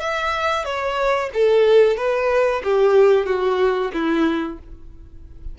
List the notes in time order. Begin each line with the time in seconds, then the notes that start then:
0.00 E5
0.65 C#5
1.33 A4
1.97 B4
2.64 G4
3.25 F#4
3.93 E4